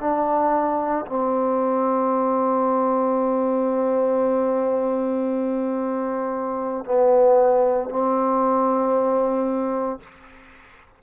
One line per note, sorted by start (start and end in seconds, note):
0.00 1.05 D4
1.06 6.85 C4
6.85 7.89 B3
7.89 10.00 C4